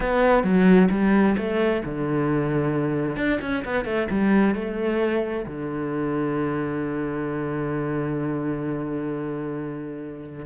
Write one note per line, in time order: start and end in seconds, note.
0.00 0.43 B3
0.43 0.89 F#3
0.90 1.35 G3
1.37 1.82 A3
1.85 3.16 D3
3.16 3.39 D4
3.41 3.63 C#4
3.64 3.84 B3
3.84 4.07 A3
4.10 4.54 G3
4.54 5.45 A3
5.45 10.45 D3